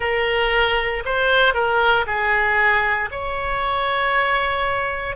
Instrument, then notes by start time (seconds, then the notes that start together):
oboe
0.00 A#4
1.05 C5
1.54 A#4
2.06 G#4
3.11 C#5